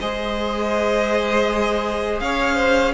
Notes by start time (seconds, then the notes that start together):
0.00 G#3 G#4 C5 D#5
2.20 C#4 C#5 F5
2.55 C5